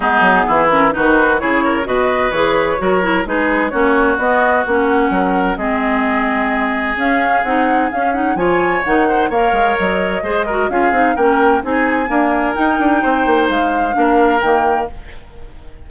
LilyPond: <<
  \new Staff \with { instrumentName = "flute" } { \time 4/4 \tempo 4 = 129 gis'4. ais'8 b'4 cis''4 | dis''4 cis''2 b'4 | cis''4 dis''4 fis''2 | dis''2. f''4 |
fis''4 f''8 fis''8 gis''4 fis''4 | f''4 dis''2 f''4 | g''4 gis''2 g''4~ | g''4 f''2 g''4 | }
  \new Staff \with { instrumentName = "oboe" } { \time 4/4 dis'4 e'4 fis'4 gis'8 ais'8 | b'2 ais'4 gis'4 | fis'2. ais'4 | gis'1~ |
gis'2 cis''4. c''8 | cis''2 c''8 ais'8 gis'4 | ais'4 gis'4 ais'2 | c''2 ais'2 | }
  \new Staff \with { instrumentName = "clarinet" } { \time 4/4 b4. cis'8 dis'4 e'4 | fis'4 gis'4 fis'8 e'8 dis'4 | cis'4 b4 cis'2 | c'2. cis'4 |
dis'4 cis'8 dis'8 f'4 dis'4 | ais'2 gis'8 fis'8 f'8 dis'8 | cis'4 dis'4 ais4 dis'4~ | dis'2 d'4 ais4 | }
  \new Staff \with { instrumentName = "bassoon" } { \time 4/4 gis8 fis8 e4 dis4 cis4 | b,4 e4 fis4 gis4 | ais4 b4 ais4 fis4 | gis2. cis'4 |
c'4 cis'4 f4 dis4 | ais8 gis8 fis4 gis4 cis'8 c'8 | ais4 c'4 d'4 dis'8 d'8 | c'8 ais8 gis4 ais4 dis4 | }
>>